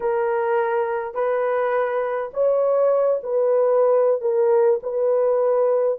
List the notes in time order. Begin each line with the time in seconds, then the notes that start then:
0.00 A#4
1.14 B4
2.33 C#5
3.23 B4
4.21 A#4
4.82 B4